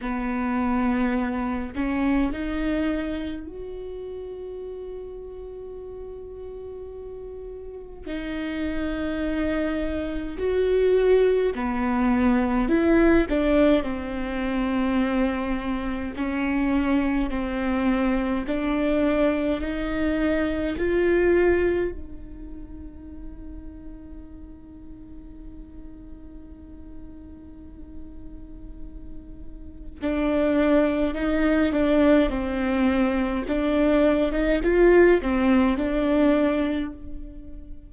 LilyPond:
\new Staff \with { instrumentName = "viola" } { \time 4/4 \tempo 4 = 52 b4. cis'8 dis'4 fis'4~ | fis'2. dis'4~ | dis'4 fis'4 b4 e'8 d'8 | c'2 cis'4 c'4 |
d'4 dis'4 f'4 dis'4~ | dis'1~ | dis'2 d'4 dis'8 d'8 | c'4 d'8. dis'16 f'8 c'8 d'4 | }